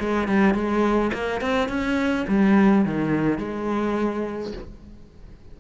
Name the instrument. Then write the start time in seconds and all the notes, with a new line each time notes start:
cello
0.00 G#3
0.28 G3
0.55 G#3
1.14 A#3
1.41 C4
1.69 C#4
2.28 G3
2.85 D#3
3.39 G#3